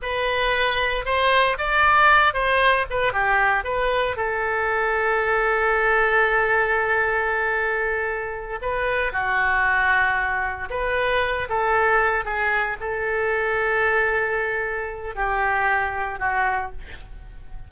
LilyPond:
\new Staff \with { instrumentName = "oboe" } { \time 4/4 \tempo 4 = 115 b'2 c''4 d''4~ | d''8 c''4 b'8 g'4 b'4 | a'1~ | a'1~ |
a'8 b'4 fis'2~ fis'8~ | fis'8 b'4. a'4. gis'8~ | gis'8 a'2.~ a'8~ | a'4 g'2 fis'4 | }